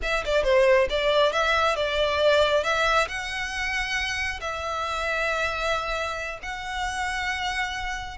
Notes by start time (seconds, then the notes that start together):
0.02 E5
0.25 D5
0.43 C5
0.89 D5
1.32 E5
1.76 D5
2.63 E5
3.07 F#5
4.40 E5
6.42 F#5